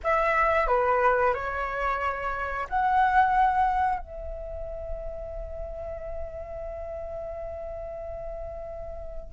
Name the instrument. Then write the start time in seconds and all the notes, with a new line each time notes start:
flute
0.03 E5
0.67 B4
1.34 C#5
2.69 F#5
3.99 E5